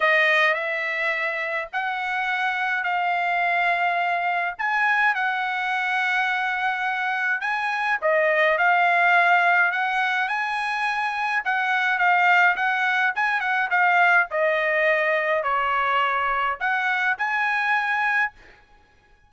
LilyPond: \new Staff \with { instrumentName = "trumpet" } { \time 4/4 \tempo 4 = 105 dis''4 e''2 fis''4~ | fis''4 f''2. | gis''4 fis''2.~ | fis''4 gis''4 dis''4 f''4~ |
f''4 fis''4 gis''2 | fis''4 f''4 fis''4 gis''8 fis''8 | f''4 dis''2 cis''4~ | cis''4 fis''4 gis''2 | }